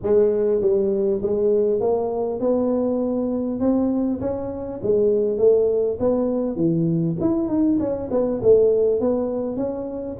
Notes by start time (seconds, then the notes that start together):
0.02 G#3
0.61 G3
1.22 G#3
1.80 A#3
2.39 B3
3.59 C4
4.20 C#4
4.82 G#3
5.38 A3
5.99 B3
6.56 E3
7.20 E4
7.48 D#4
7.79 C#4
8.11 B3
8.42 A3
9.00 B3
9.56 C#4